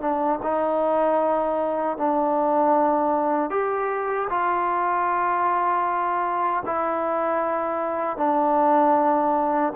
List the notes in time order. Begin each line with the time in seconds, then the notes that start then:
0.00 D4
0.42 D#4
1.97 D4
3.50 G4
4.29 F4
6.66 E4
8.17 D4